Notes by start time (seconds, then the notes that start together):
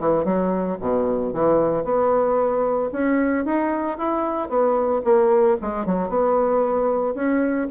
0.00 E3
0.25 F#3
0.81 B2
1.33 E3
1.84 B3
2.92 C#4
3.45 D#4
3.98 E4
4.49 B3
5.04 A#3
5.61 G#3
5.86 F#3
6.09 B3
7.15 C#4